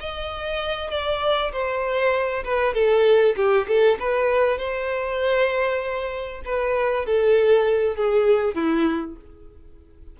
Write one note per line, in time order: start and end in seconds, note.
0.00 0.91 D#5
0.91 1.52 D5
1.52 2.44 C5
2.44 2.74 B4
2.74 3.36 A4
3.36 3.67 G4
3.68 3.98 A4
3.99 4.58 B4
4.58 6.42 C5
6.45 7.06 B4
7.06 7.96 A4
7.96 8.55 G#4
8.55 9.16 E4